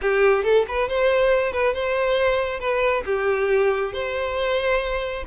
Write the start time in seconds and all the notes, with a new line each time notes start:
0.01 G4
0.43 A4
0.67 B4
0.88 C5
1.52 B4
1.74 C5
2.59 B4
3.05 G4
3.93 C5